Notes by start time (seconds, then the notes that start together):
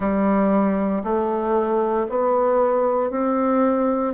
0.00 G3
1.03 A3
2.09 B3
3.10 C4